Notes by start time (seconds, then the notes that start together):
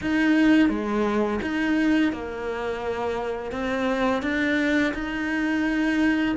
0.01 D#4
0.69 G#3
1.41 D#4
2.12 A#3
3.51 C4
4.22 D4
4.93 D#4